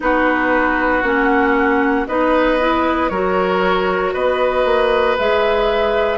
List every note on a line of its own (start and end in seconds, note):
0.00 1.02 B3
0.00 1.02 D#4
0.00 2.08 F#4
0.00 1.02 B4
1.02 2.06 A#3
1.02 2.06 C#4
1.02 2.06 F#5
2.06 3.10 B3
2.06 2.59 D#4
2.06 3.11 B4
2.06 3.09 D#5
2.59 3.10 E4
3.09 4.13 F#3
3.09 5.18 F#4
3.09 4.13 A#4
3.09 4.12 C#5
4.13 4.64 B3
4.13 6.18 B4
4.13 5.17 D#5
4.64 5.16 A#3
5.18 6.18 G#3
5.18 6.18 G#4
5.18 6.18 E5